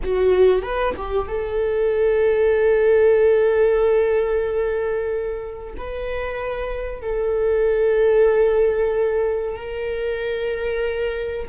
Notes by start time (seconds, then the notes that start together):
0.03 F#4
0.62 B4
0.97 G4
1.27 A4
5.77 B4
7.02 A4
9.56 A#4